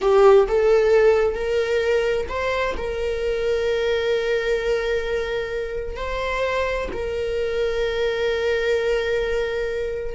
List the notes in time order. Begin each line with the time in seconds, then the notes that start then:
0.01 G4
0.47 A4
1.34 A#4
2.28 C5
2.77 A#4
5.96 C5
6.92 A#4